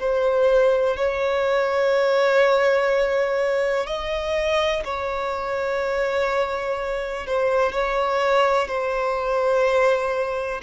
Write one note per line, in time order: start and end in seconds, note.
0.00 0.97 C5
0.97 3.87 C#5
3.87 4.83 D#5
4.85 7.27 C#5
7.27 7.72 C5
7.72 8.67 C#5
8.67 10.61 C5